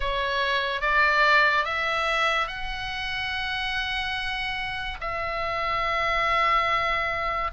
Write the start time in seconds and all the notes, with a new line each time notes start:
0.00 C#5
0.81 D5
1.64 E5
2.47 F#5
5.00 E5